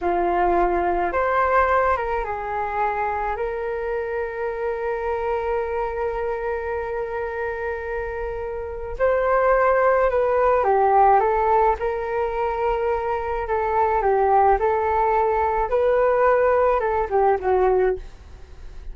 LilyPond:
\new Staff \with { instrumentName = "flute" } { \time 4/4 \tempo 4 = 107 f'2 c''4. ais'8 | gis'2 ais'2~ | ais'1~ | ais'1 |
c''2 b'4 g'4 | a'4 ais'2. | a'4 g'4 a'2 | b'2 a'8 g'8 fis'4 | }